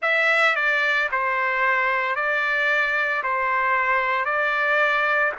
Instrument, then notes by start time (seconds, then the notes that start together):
trumpet
0.01 E5
0.55 D5
1.12 C5
2.15 D5
3.23 C5
4.25 D5